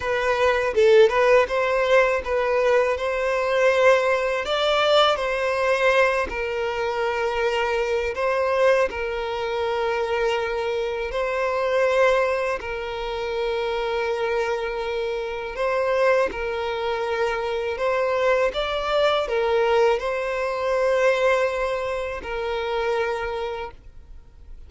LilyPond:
\new Staff \with { instrumentName = "violin" } { \time 4/4 \tempo 4 = 81 b'4 a'8 b'8 c''4 b'4 | c''2 d''4 c''4~ | c''8 ais'2~ ais'8 c''4 | ais'2. c''4~ |
c''4 ais'2.~ | ais'4 c''4 ais'2 | c''4 d''4 ais'4 c''4~ | c''2 ais'2 | }